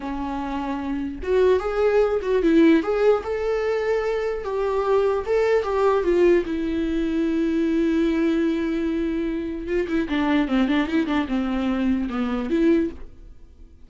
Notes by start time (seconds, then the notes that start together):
0.00 C#4
1.22 F#4
1.59 G#4
2.22 F#4
2.42 E4
2.82 G#4
3.23 A4
4.44 G4
5.26 A4
5.63 G4
6.03 F4
6.45 E4
9.67 F4
9.88 E4
10.08 D4
10.48 C4
10.68 D4
10.87 E4
11.06 D4
11.28 C4
12.09 B3
12.49 E4